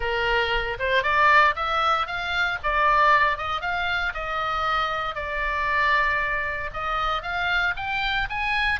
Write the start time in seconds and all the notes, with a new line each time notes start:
0.00 A#4
0.79 C5
1.03 D5
1.55 E5
2.06 F5
2.63 D5
3.37 D#5
3.61 F5
4.14 D#5
5.15 D5
6.73 D#5
7.22 F5
7.76 G5
8.29 G#5